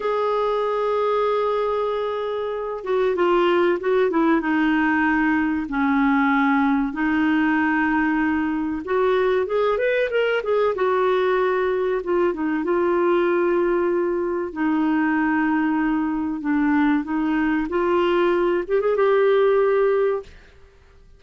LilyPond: \new Staff \with { instrumentName = "clarinet" } { \time 4/4 \tempo 4 = 95 gis'1~ | gis'8 fis'8 f'4 fis'8 e'8 dis'4~ | dis'4 cis'2 dis'4~ | dis'2 fis'4 gis'8 b'8 |
ais'8 gis'8 fis'2 f'8 dis'8 | f'2. dis'4~ | dis'2 d'4 dis'4 | f'4. g'16 gis'16 g'2 | }